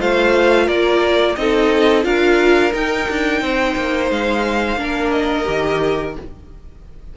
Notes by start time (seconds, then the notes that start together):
0.00 A3 F4 C5 F5
0.66 A#3 A#4 D5
1.36 C4 D#4 A4 D#5
2.03 D4 F4 A#4 F5
2.72 D#4 G5
3.10 D4
3.41 C4 C5
3.77 A#3
4.11 G#3 F5
4.77 A#3 D4 A#4
5.12 D#5
5.45 D#3 G4